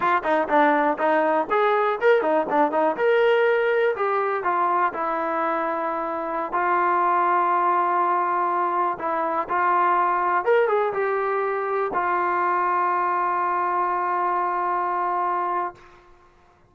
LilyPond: \new Staff \with { instrumentName = "trombone" } { \time 4/4 \tempo 4 = 122 f'8 dis'8 d'4 dis'4 gis'4 | ais'8 dis'8 d'8 dis'8 ais'2 | g'4 f'4 e'2~ | e'4~ e'16 f'2~ f'8.~ |
f'2~ f'16 e'4 f'8.~ | f'4~ f'16 ais'8 gis'8 g'4.~ g'16~ | g'16 f'2.~ f'8.~ | f'1 | }